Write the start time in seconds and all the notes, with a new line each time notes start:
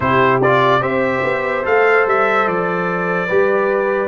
0.00 C3 E4 G4 C5
0.42 F4 D5
0.80 C4 G4 C5 E5
1.23 B3
1.63 A3 A4 F5
2.06 G3 E5
2.46 F3 D5
3.27 G3 G4 B4